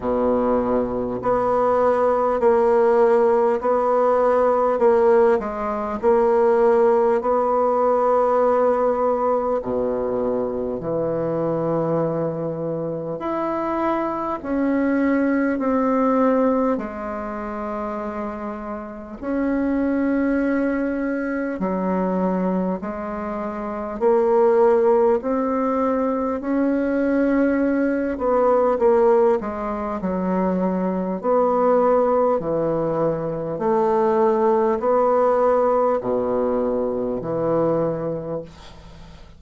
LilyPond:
\new Staff \with { instrumentName = "bassoon" } { \time 4/4 \tempo 4 = 50 b,4 b4 ais4 b4 | ais8 gis8 ais4 b2 | b,4 e2 e'4 | cis'4 c'4 gis2 |
cis'2 fis4 gis4 | ais4 c'4 cis'4. b8 | ais8 gis8 fis4 b4 e4 | a4 b4 b,4 e4 | }